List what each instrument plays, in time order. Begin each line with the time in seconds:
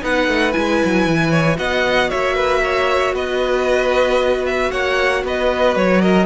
0.00 cello B3, viola D#4, violin B4 F#5
0.28 cello A3
0.52 cello G#3, viola E4, violin G#5
0.84 cello F#3
1.06 cello E3
1.30 violin C#5
1.55 cello B3, viola F#4, violin D#5 F#5
2.10 cello A#3, violin C#5 E5
2.35 violin B4
2.63 violin C#5
3.13 cello B3, violin B4 D#5
4.45 violin E5
4.70 cello A#3, violin C#5 F#5
5.24 cello B3, violin B4 D#5
5.75 cello F#3, violin C#5
6.01 violin A#4 D#5